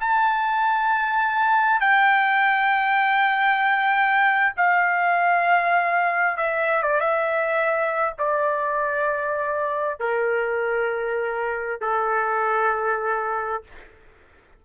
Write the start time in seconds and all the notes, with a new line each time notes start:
0.00 A5
1.81 G5
4.57 F5
6.37 E5
6.83 D5
7.00 E5
8.18 D5
10.00 A#4
11.81 A4